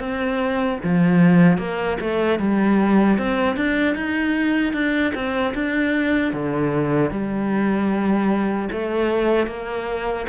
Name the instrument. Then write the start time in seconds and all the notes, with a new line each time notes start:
cello
0.00 C4
0.84 F3
1.58 A#3
2.01 A3
2.39 G3
3.18 C4
3.57 D4
3.95 D#4
4.74 D4
5.15 C4
5.55 D4
6.33 D3
7.11 G3
8.72 A3
9.47 A#3